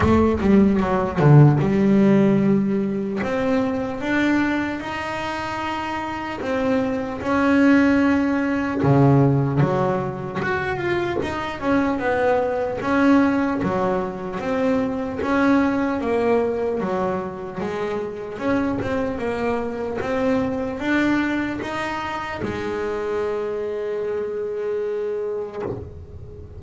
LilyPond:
\new Staff \with { instrumentName = "double bass" } { \time 4/4 \tempo 4 = 75 a8 g8 fis8 d8 g2 | c'4 d'4 dis'2 | c'4 cis'2 cis4 | fis4 fis'8 f'8 dis'8 cis'8 b4 |
cis'4 fis4 c'4 cis'4 | ais4 fis4 gis4 cis'8 c'8 | ais4 c'4 d'4 dis'4 | gis1 | }